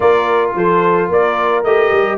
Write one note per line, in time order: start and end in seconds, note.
0.00 0.54 A#3
0.00 1.64 F4
0.00 0.55 A#4
0.00 0.51 D5
0.54 1.08 F3
0.54 1.10 A4
0.54 1.11 C5
1.08 1.63 A#3
1.08 2.18 A#4
1.08 1.64 D5
1.63 1.91 A3
1.63 2.18 G4
1.63 2.18 D#5
1.91 2.18 G3